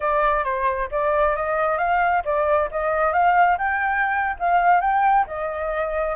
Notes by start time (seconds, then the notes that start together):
0.00 D5
0.44 C5
0.91 D5
1.36 D#5
1.77 F5
2.24 D5
2.71 D#5
3.12 F5
3.58 G5
4.39 F5
4.80 G5
5.27 D#5